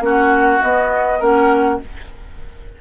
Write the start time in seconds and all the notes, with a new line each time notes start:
0.00 A#3 C#4 F#4 F#5
0.62 B3 D#5
1.19 A#3 C#4 A#4 F#5